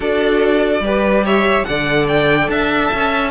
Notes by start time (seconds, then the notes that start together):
0.00 D4 F#4 A4 D5
0.80 G3 G4 B4
1.24 C#5 E5
1.64 D3 A4 D5 F#5
2.07 G5
2.48 D4 E5 A5
2.93 C#4